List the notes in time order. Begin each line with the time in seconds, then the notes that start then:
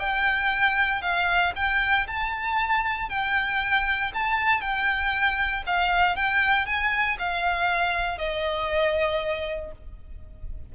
0.00 G5
1.02 F5
1.56 G5
2.08 A5
3.10 G5
4.14 A5
4.61 G5
5.67 F5
6.16 G5
6.66 G#5
7.19 F5
8.18 D#5